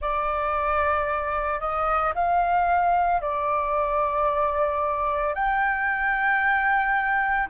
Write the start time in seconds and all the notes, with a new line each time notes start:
0.01 D5
1.60 D#5
2.14 F5
3.21 D5
5.34 G5